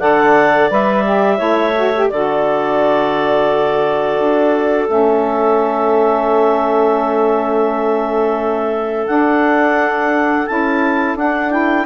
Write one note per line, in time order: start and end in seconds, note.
0.00 0.71 D3
0.00 0.70 A4
0.00 1.37 D5
0.00 0.70 F#5
0.70 1.40 G3
0.70 1.04 B4
0.70 2.10 E5
1.04 1.38 G4
1.37 2.10 A3
1.37 1.73 E4
1.37 2.07 C#5
1.76 1.94 F#4
1.95 2.12 G4
2.10 4.20 D3
2.10 4.87 F#4
2.10 11.86 A4
2.10 4.89 D5
4.20 4.89 D4
4.87 9.08 A3
4.87 9.06 C#4
4.87 9.07 E5
9.07 10.47 D4
9.07 10.48 D4
9.07 10.47 F#5
10.47 11.16 C#4
10.47 11.18 E4
10.47 11.17 A5
11.16 11.85 D4
11.16 11.51 D4
11.16 11.51 F#5
11.51 11.86 E4
11.51 11.86 G5